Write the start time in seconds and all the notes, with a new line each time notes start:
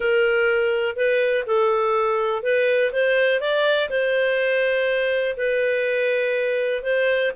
0.00 A#4
0.96 B4
1.46 A4
2.43 B4
2.92 C5
3.40 D5
3.89 C5
5.37 B4
6.82 C5